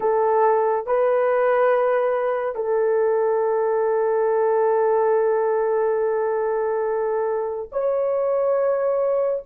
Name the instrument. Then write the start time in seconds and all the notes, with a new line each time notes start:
horn
0.00 A4
0.86 B4
2.55 A4
7.71 C#5